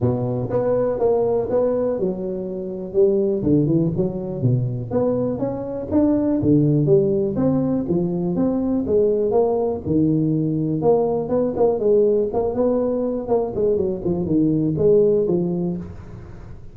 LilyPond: \new Staff \with { instrumentName = "tuba" } { \time 4/4 \tempo 4 = 122 b,4 b4 ais4 b4 | fis2 g4 d8 e8 | fis4 b,4 b4 cis'4 | d'4 d4 g4 c'4 |
f4 c'4 gis4 ais4 | dis2 ais4 b8 ais8 | gis4 ais8 b4. ais8 gis8 | fis8 f8 dis4 gis4 f4 | }